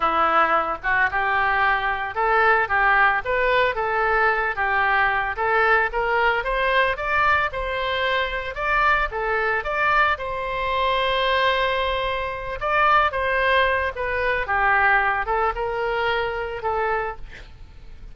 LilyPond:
\new Staff \with { instrumentName = "oboe" } { \time 4/4 \tempo 4 = 112 e'4. fis'8 g'2 | a'4 g'4 b'4 a'4~ | a'8 g'4. a'4 ais'4 | c''4 d''4 c''2 |
d''4 a'4 d''4 c''4~ | c''2.~ c''8 d''8~ | d''8 c''4. b'4 g'4~ | g'8 a'8 ais'2 a'4 | }